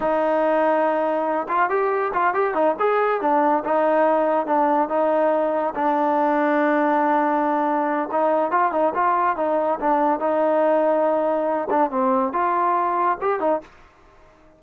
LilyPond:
\new Staff \with { instrumentName = "trombone" } { \time 4/4 \tempo 4 = 141 dis'2.~ dis'8 f'8 | g'4 f'8 g'8 dis'8 gis'4 d'8~ | d'8 dis'2 d'4 dis'8~ | dis'4. d'2~ d'8~ |
d'2. dis'4 | f'8 dis'8 f'4 dis'4 d'4 | dis'2.~ dis'8 d'8 | c'4 f'2 g'8 dis'8 | }